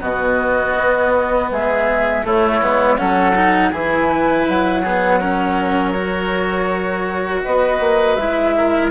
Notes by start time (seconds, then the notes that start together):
0.00 B2 B3 F#4 D#5
0.77 B3
1.51 G#3 G#4 E5
2.23 A3 E4 C#5
2.62 G#3 B3
2.97 F#3 C#4 A4 F#5
3.35 D#4
3.70 E3 E4 G#4 G#5
4.09 B4
4.48 F#3 F#5
4.83 B3 G#4
5.20 C#4 A#4
5.91 F#4 C#5
7.44 B3 B4 D#5
7.80 A#3
8.15 G#3 E4 E5
8.57 A#4